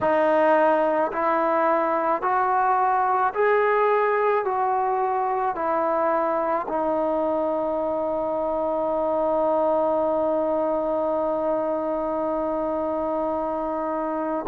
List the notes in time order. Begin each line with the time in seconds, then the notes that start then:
0.00 D#4
1.12 E4
2.22 F#4
3.33 G#4
4.44 F#4
5.55 E4
6.68 D#4